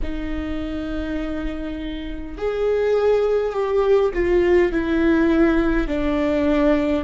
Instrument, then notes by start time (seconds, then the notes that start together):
viola
0.02 D#4
2.37 G#4
3.52 G4
4.13 F4
4.72 E4
5.87 D4